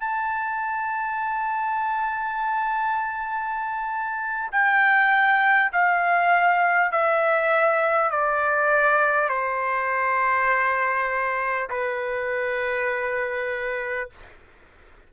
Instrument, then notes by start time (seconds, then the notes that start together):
trumpet
0.00 A5
4.51 G5
5.72 F5
6.92 E5
8.11 D5
9.29 C5
11.69 B4